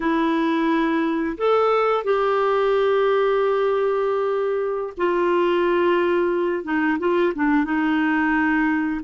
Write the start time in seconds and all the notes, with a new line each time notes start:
0.00 E4
1.37 A4
2.04 G4
4.97 F4
6.64 D#4
6.99 F4
7.35 D4
7.64 D#4